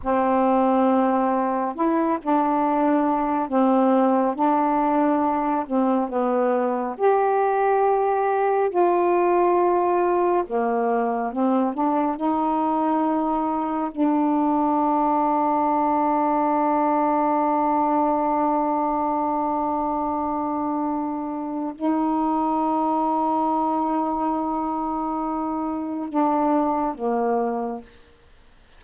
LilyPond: \new Staff \with { instrumentName = "saxophone" } { \time 4/4 \tempo 4 = 69 c'2 e'8 d'4. | c'4 d'4. c'8 b4 | g'2 f'2 | ais4 c'8 d'8 dis'2 |
d'1~ | d'1~ | d'4 dis'2.~ | dis'2 d'4 ais4 | }